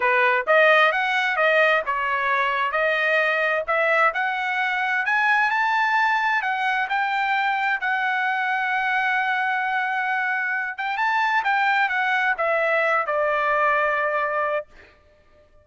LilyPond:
\new Staff \with { instrumentName = "trumpet" } { \time 4/4 \tempo 4 = 131 b'4 dis''4 fis''4 dis''4 | cis''2 dis''2 | e''4 fis''2 gis''4 | a''2 fis''4 g''4~ |
g''4 fis''2.~ | fis''2.~ fis''8 g''8 | a''4 g''4 fis''4 e''4~ | e''8 d''2.~ d''8 | }